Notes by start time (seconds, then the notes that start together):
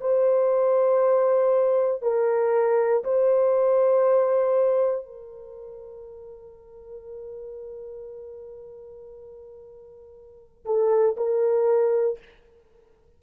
0.00 C5
2.02 A#4
3.04 C5
5.05 A#4
10.65 A4
11.17 A#4